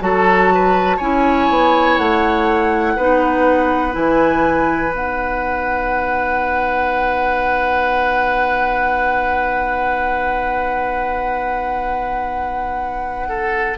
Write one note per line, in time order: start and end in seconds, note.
0.00 1.00 F#3
0.00 0.98 F#4
0.00 0.54 A4
0.00 0.99 A5
0.55 0.97 B4
0.97 1.49 C#4
0.97 2.98 E4
0.97 2.93 C#5
0.97 1.98 G#5
1.49 1.98 B3
1.98 2.97 A3
1.98 3.94 F#5
2.96 3.95 B3
2.96 3.92 D#4
2.96 13.29 B4
3.92 4.93 E3
3.92 4.90 E4
3.92 4.94 G#5
4.90 13.78 B3
4.90 13.75 D#4
4.90 13.78 F#5
13.29 13.78 A4